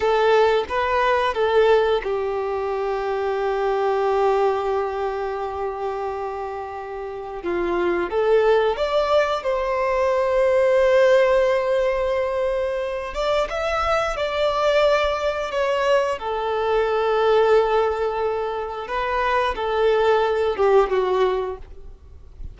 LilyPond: \new Staff \with { instrumentName = "violin" } { \time 4/4 \tempo 4 = 89 a'4 b'4 a'4 g'4~ | g'1~ | g'2. f'4 | a'4 d''4 c''2~ |
c''2.~ c''8 d''8 | e''4 d''2 cis''4 | a'1 | b'4 a'4. g'8 fis'4 | }